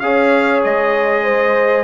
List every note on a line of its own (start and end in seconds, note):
0.00 0.63 C#4
0.00 1.84 G#4
0.00 1.24 C#5
0.00 0.61 F5
0.64 1.84 G#3
0.64 1.84 D#5
1.24 1.84 C5